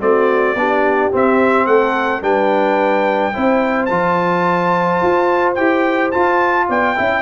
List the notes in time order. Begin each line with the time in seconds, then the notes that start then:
0.00 A3 C4 F#4 D5
0.55 B3 D4 G4
1.11 C4 E5
1.66 A3 A4 F#5
2.22 G3 D4 B4 G5
3.33 C4 E4 C5
3.85 F3 F4 A5
5.02 F4
5.55 E4 G4 G5
6.11 F4 A5
6.67 B3 D5 G5
6.95 C#4 E4 E5